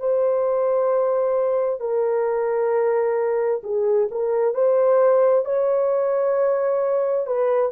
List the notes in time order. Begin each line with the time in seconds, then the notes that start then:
0.00 C5
1.81 A#4
3.64 G#4
4.12 A#4
4.55 C5
5.45 C#5
7.27 B4